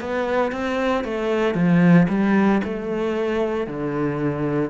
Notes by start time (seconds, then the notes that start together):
0.00 B3
0.52 C4
1.04 A3
1.55 F3
2.09 G3
2.64 A3
3.67 D3